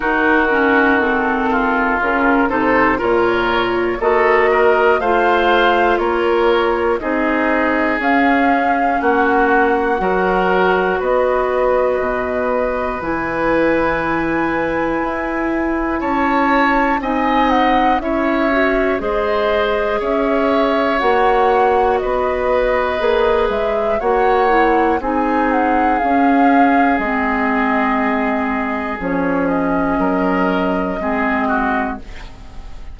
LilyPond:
<<
  \new Staff \with { instrumentName = "flute" } { \time 4/4 \tempo 4 = 60 ais'4 a'4 ais'8 c''8 cis''4 | dis''4 f''4 cis''4 dis''4 | f''4 fis''2 dis''4~ | dis''4 gis''2. |
a''4 gis''8 fis''8 e''4 dis''4 | e''4 fis''4 dis''4. e''8 | fis''4 gis''8 fis''8 f''4 dis''4~ | dis''4 cis''8 dis''2~ dis''8 | }
  \new Staff \with { instrumentName = "oboe" } { \time 4/4 fis'4. f'4 a'8 ais'4 | a'8 ais'8 c''4 ais'4 gis'4~ | gis'4 fis'4 ais'4 b'4~ | b'1 |
cis''4 dis''4 cis''4 c''4 | cis''2 b'2 | cis''4 gis'2.~ | gis'2 ais'4 gis'8 fis'8 | }
  \new Staff \with { instrumentName = "clarinet" } { \time 4/4 dis'8 cis'8 c'4 cis'8 dis'8 f'4 | fis'4 f'2 dis'4 | cis'2 fis'2~ | fis'4 e'2.~ |
e'4 dis'4 e'8 fis'8 gis'4~ | gis'4 fis'2 gis'4 | fis'8 e'8 dis'4 cis'4 c'4~ | c'4 cis'2 c'4 | }
  \new Staff \with { instrumentName = "bassoon" } { \time 4/4 dis2 cis8 c8 ais,4 | ais4 a4 ais4 c'4 | cis'4 ais4 fis4 b4 | b,4 e2 e'4 |
cis'4 c'4 cis'4 gis4 | cis'4 ais4 b4 ais8 gis8 | ais4 c'4 cis'4 gis4~ | gis4 f4 fis4 gis4 | }
>>